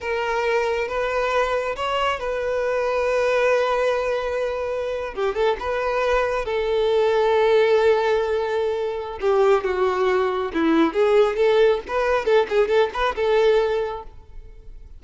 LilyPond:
\new Staff \with { instrumentName = "violin" } { \time 4/4 \tempo 4 = 137 ais'2 b'2 | cis''4 b'2.~ | b'2.~ b'8. g'16~ | g'16 a'8 b'2 a'4~ a'16~ |
a'1~ | a'4 g'4 fis'2 | e'4 gis'4 a'4 b'4 | a'8 gis'8 a'8 b'8 a'2 | }